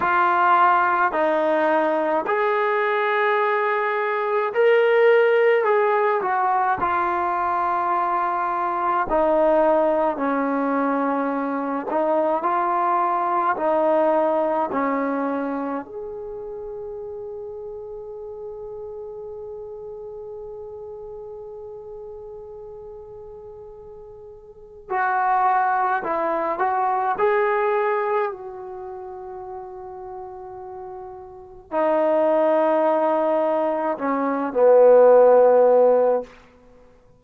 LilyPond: \new Staff \with { instrumentName = "trombone" } { \time 4/4 \tempo 4 = 53 f'4 dis'4 gis'2 | ais'4 gis'8 fis'8 f'2 | dis'4 cis'4. dis'8 f'4 | dis'4 cis'4 gis'2~ |
gis'1~ | gis'2 fis'4 e'8 fis'8 | gis'4 fis'2. | dis'2 cis'8 b4. | }